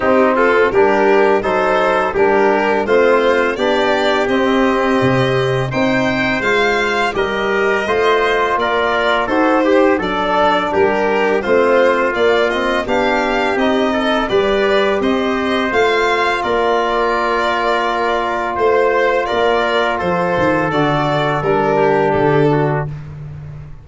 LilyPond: <<
  \new Staff \with { instrumentName = "violin" } { \time 4/4 \tempo 4 = 84 g'8 a'8 ais'4 c''4 ais'4 | c''4 d''4 dis''2 | g''4 f''4 dis''2 | d''4 c''4 d''4 ais'4 |
c''4 d''8 dis''8 f''4 dis''4 | d''4 dis''4 f''4 d''4~ | d''2 c''4 d''4 | c''4 d''4 ais'4 a'4 | }
  \new Staff \with { instrumentName = "trumpet" } { \time 4/4 dis'8 f'8 g'4 a'4 g'4 | f'4 g'2. | c''2 ais'4 c''4 | ais'4 a'8 g'8 a'4 g'4 |
f'2 g'4. a'8 | b'4 c''2 ais'4~ | ais'2 c''4 ais'4 | a'2~ a'8 g'4 fis'8 | }
  \new Staff \with { instrumentName = "trombone" } { \time 4/4 c'4 d'4 dis'4 d'4 | c'4 d'4 c'2 | dis'4 f'4 g'4 f'4~ | f'4 fis'8 g'8 d'2 |
c'4 ais8 c'8 d'4 dis'4 | g'2 f'2~ | f'1~ | f'4 fis'4 d'2 | }
  \new Staff \with { instrumentName = "tuba" } { \time 4/4 c'4 g4 fis4 g4 | a4 b4 c'4 c4 | c'4 gis4 g4 a4 | ais4 dis'4 fis4 g4 |
a4 ais4 b4 c'4 | g4 c'4 a4 ais4~ | ais2 a4 ais4 | f8 dis8 d4 g4 d4 | }
>>